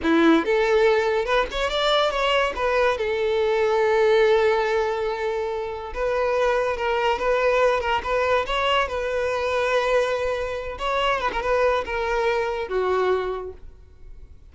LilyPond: \new Staff \with { instrumentName = "violin" } { \time 4/4 \tempo 4 = 142 e'4 a'2 b'8 cis''8 | d''4 cis''4 b'4 a'4~ | a'1~ | a'2 b'2 |
ais'4 b'4. ais'8 b'4 | cis''4 b'2.~ | b'4. cis''4 b'16 ais'16 b'4 | ais'2 fis'2 | }